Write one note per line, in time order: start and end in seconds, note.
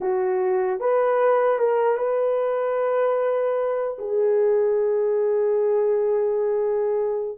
0.01 0.80 F#4
0.80 1.58 B4
1.58 1.97 A#4
1.97 3.97 B4
3.98 7.38 G#4